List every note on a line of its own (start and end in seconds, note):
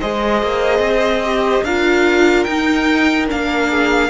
0.00 0.43 G#3
0.00 1.24 G#4
0.00 1.64 C5
0.00 1.64 D#5
0.43 0.79 A#3
0.79 1.61 C4
1.24 1.65 G4
1.64 2.46 D4
1.64 2.48 F4
1.64 3.70 A#4
1.64 2.44 F5
2.44 3.29 D#4
2.44 3.28 D#4
2.44 3.26 G5
3.28 4.10 A#3
3.28 4.10 D4
3.28 4.10 F5
3.70 4.10 G#4